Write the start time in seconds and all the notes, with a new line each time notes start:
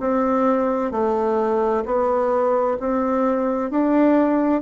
0.00 C4
0.91 A3
1.85 B3
2.80 C4
3.71 D4